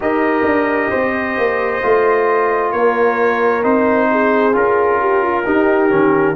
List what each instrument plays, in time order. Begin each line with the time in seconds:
0.00 tuba D#4, trombone G4, horn A#4, trumpet D#5
0.43 tuba D4
0.90 tuba C4, horn C5
1.37 tuba A#3
1.81 tuba A3, trombone F4
2.71 tuba A#3, horn A#4, trumpet C#5
3.62 tuba C4, trombone D#4, trumpet C5
4.11 horn G#4
4.52 tuba C#4, trombone F4, trumpet A#4
5.00 horn G4
5.23 horn F4
5.45 trombone D#4, tuba D#4, horn G4
5.90 tuba D#3, trombone C#4